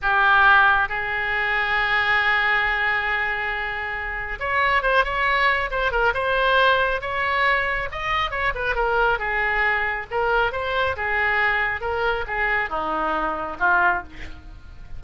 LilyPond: \new Staff \with { instrumentName = "oboe" } { \time 4/4 \tempo 4 = 137 g'2 gis'2~ | gis'1~ | gis'2 cis''4 c''8 cis''8~ | cis''4 c''8 ais'8 c''2 |
cis''2 dis''4 cis''8 b'8 | ais'4 gis'2 ais'4 | c''4 gis'2 ais'4 | gis'4 dis'2 f'4 | }